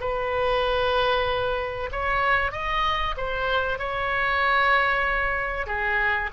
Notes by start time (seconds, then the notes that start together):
0.00 B4
1.92 C#5
2.52 D#5
3.17 C5
3.78 C#5
5.66 G#4